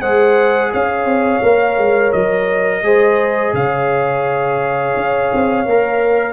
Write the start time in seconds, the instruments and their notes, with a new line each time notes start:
0.00 tuba G#3, trombone G#4, horn C5, trumpet F#5
0.73 tuba C#4, horn C#5, trumpet F5
1.04 tuba C4
1.42 tuba A#3, trombone A#4
1.77 tuba G#3
2.12 tuba F#3, trumpet D#5
2.82 tuba G#3, trombone G#4, horn C5
3.53 tuba C#3, horn C#5, trumpet F5
4.96 tuba C#4
5.33 tuba C4
5.65 tuba A#3, trombone A#4